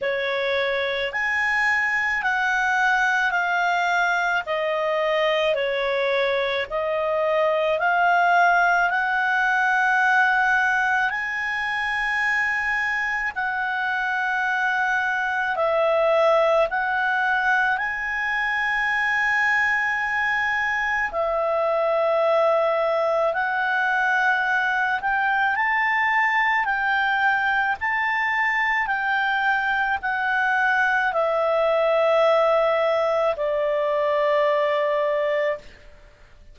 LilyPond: \new Staff \with { instrumentName = "clarinet" } { \time 4/4 \tempo 4 = 54 cis''4 gis''4 fis''4 f''4 | dis''4 cis''4 dis''4 f''4 | fis''2 gis''2 | fis''2 e''4 fis''4 |
gis''2. e''4~ | e''4 fis''4. g''8 a''4 | g''4 a''4 g''4 fis''4 | e''2 d''2 | }